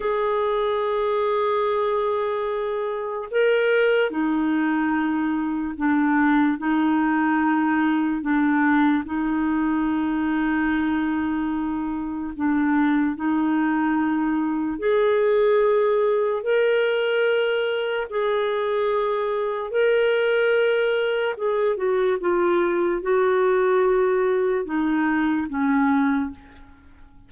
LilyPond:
\new Staff \with { instrumentName = "clarinet" } { \time 4/4 \tempo 4 = 73 gis'1 | ais'4 dis'2 d'4 | dis'2 d'4 dis'4~ | dis'2. d'4 |
dis'2 gis'2 | ais'2 gis'2 | ais'2 gis'8 fis'8 f'4 | fis'2 dis'4 cis'4 | }